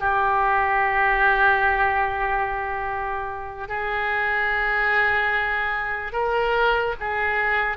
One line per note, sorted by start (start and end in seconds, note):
0.00 3.68 G4
3.68 6.13 G#4
6.13 6.95 A#4
7.00 7.77 G#4